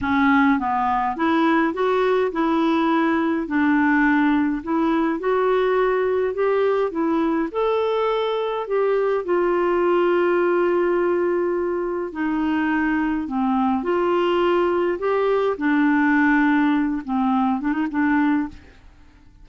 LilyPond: \new Staff \with { instrumentName = "clarinet" } { \time 4/4 \tempo 4 = 104 cis'4 b4 e'4 fis'4 | e'2 d'2 | e'4 fis'2 g'4 | e'4 a'2 g'4 |
f'1~ | f'4 dis'2 c'4 | f'2 g'4 d'4~ | d'4. c'4 d'16 dis'16 d'4 | }